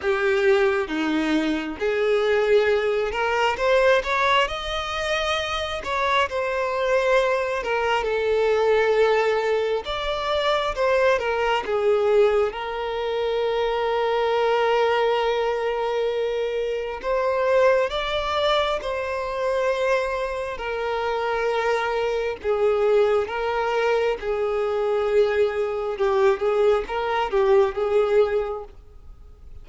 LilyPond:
\new Staff \with { instrumentName = "violin" } { \time 4/4 \tempo 4 = 67 g'4 dis'4 gis'4. ais'8 | c''8 cis''8 dis''4. cis''8 c''4~ | c''8 ais'8 a'2 d''4 | c''8 ais'8 gis'4 ais'2~ |
ais'2. c''4 | d''4 c''2 ais'4~ | ais'4 gis'4 ais'4 gis'4~ | gis'4 g'8 gis'8 ais'8 g'8 gis'4 | }